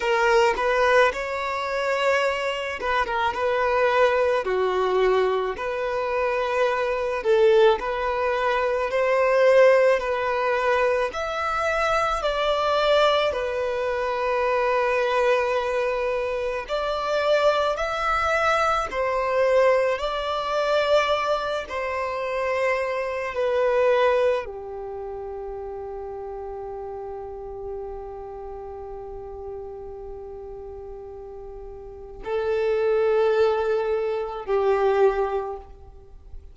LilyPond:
\new Staff \with { instrumentName = "violin" } { \time 4/4 \tempo 4 = 54 ais'8 b'8 cis''4. b'16 ais'16 b'4 | fis'4 b'4. a'8 b'4 | c''4 b'4 e''4 d''4 | b'2. d''4 |
e''4 c''4 d''4. c''8~ | c''4 b'4 g'2~ | g'1~ | g'4 a'2 g'4 | }